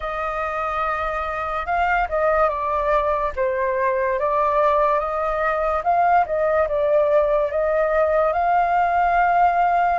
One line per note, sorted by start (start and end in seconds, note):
0.00 1.66 D#5
1.66 2.07 F5
2.08 2.48 D#5
2.48 3.32 D5
3.35 4.19 C5
4.19 4.98 D5
4.98 5.82 D#5
5.83 6.25 F5
6.25 6.67 D#5
6.68 7.51 D5
7.51 8.33 D#5
8.33 9.99 F5